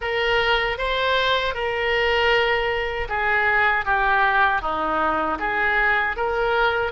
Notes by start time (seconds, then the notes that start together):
0.01 A#4
0.77 C5
1.54 A#4
3.08 G#4
3.85 G4
4.61 D#4
5.39 G#4
6.16 A#4